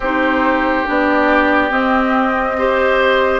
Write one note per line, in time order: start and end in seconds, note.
0.00 0.83 C4
0.00 0.85 D#4
0.00 2.56 G4
0.00 0.88 C5
0.85 1.71 B3
0.85 1.70 D4
0.85 1.70 D5
1.70 2.56 C4
1.70 3.40 C4
1.70 3.40 D#5
2.58 3.40 G4
2.58 3.40 C5